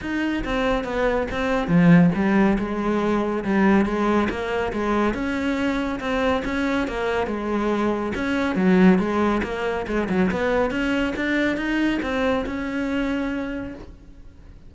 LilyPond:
\new Staff \with { instrumentName = "cello" } { \time 4/4 \tempo 4 = 140 dis'4 c'4 b4 c'4 | f4 g4 gis2 | g4 gis4 ais4 gis4 | cis'2 c'4 cis'4 |
ais4 gis2 cis'4 | fis4 gis4 ais4 gis8 fis8 | b4 cis'4 d'4 dis'4 | c'4 cis'2. | }